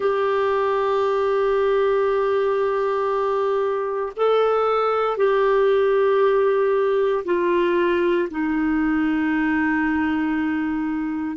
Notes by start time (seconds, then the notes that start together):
0.00 G4
4.16 A4
5.17 G4
7.25 F4
8.30 D#4